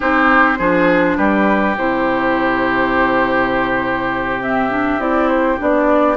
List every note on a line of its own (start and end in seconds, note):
0.00 0.59 C4
0.00 0.57 D#4
0.00 0.58 G4
0.00 1.16 C5
0.58 1.17 F3
0.58 1.76 D4
0.58 1.17 G#4
1.16 1.76 G3
1.16 6.16 G4
1.16 1.75 B4
1.76 4.98 C3
1.76 4.41 E4
1.76 4.42 C5
4.41 4.70 C4
4.41 5.00 E5
4.70 4.99 D4
4.98 5.57 C4
4.98 5.57 E4
4.98 5.29 D5
5.29 5.58 C5
5.57 6.16 B3
5.57 6.16 D4
5.57 6.16 D5